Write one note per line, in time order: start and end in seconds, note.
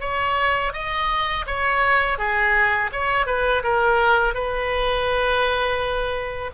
0.00 0.72 C#5
0.73 1.45 D#5
1.47 2.18 C#5
2.18 2.90 G#4
2.92 3.26 C#5
3.26 3.62 B4
3.63 4.34 A#4
4.34 6.51 B4